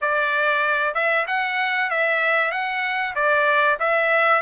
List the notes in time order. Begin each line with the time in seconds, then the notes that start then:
0.01 D5
0.94 E5
1.27 F#5
1.90 E5
2.51 F#5
3.15 D5
3.79 E5